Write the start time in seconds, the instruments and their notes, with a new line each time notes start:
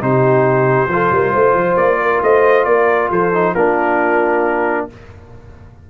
0.00 tuba C3, trombone D#4, horn G4, trumpet C5
0.88 tuba F3, trombone F4, horn A4
1.10 tuba G3, horn A#4
1.32 tuba A3, horn C5
1.54 tuba F3
1.77 tuba A#3, trumpet D5
2.02 horn A#4
2.22 tuba A3, horn C5, trumpet D#5
2.65 tuba A#3, horn A#4, trumpet D5
3.11 tuba F3, horn A4, trumpet C5
3.33 trombone D#4
3.54 tuba A#3, trombone D4, horn F4, trumpet A#4